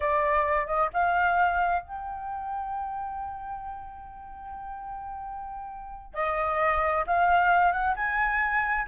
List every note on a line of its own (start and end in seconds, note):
0.00 0.66 D5
0.66 0.89 D#5
0.93 1.82 F5
1.82 6.14 G5
6.14 7.05 D#5
7.06 7.71 F5
7.71 7.94 F#5
7.96 8.87 G#5